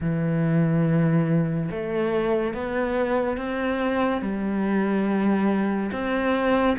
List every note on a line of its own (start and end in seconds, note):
0.00 1.69 E3
1.70 2.54 A3
2.54 3.37 B3
3.37 4.21 C4
4.21 5.90 G3
5.92 6.76 C4